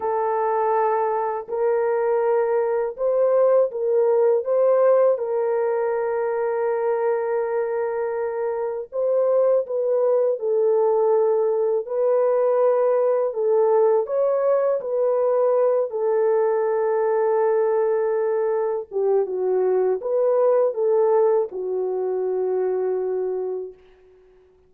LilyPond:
\new Staff \with { instrumentName = "horn" } { \time 4/4 \tempo 4 = 81 a'2 ais'2 | c''4 ais'4 c''4 ais'4~ | ais'1 | c''4 b'4 a'2 |
b'2 a'4 cis''4 | b'4. a'2~ a'8~ | a'4. g'8 fis'4 b'4 | a'4 fis'2. | }